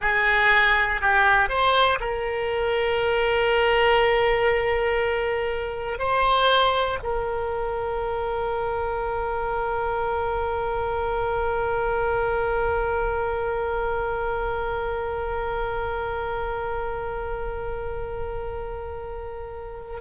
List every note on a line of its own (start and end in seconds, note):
0.01 1.01 G#4
1.01 1.48 G4
1.48 1.98 C5
2.00 5.98 A#4
5.98 6.98 C5
7.02 20.00 A#4